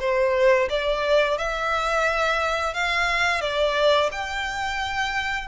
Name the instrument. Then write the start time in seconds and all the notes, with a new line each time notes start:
violin
0.00 C5
0.70 D5
1.38 E5
2.74 F5
3.41 D5
4.12 G5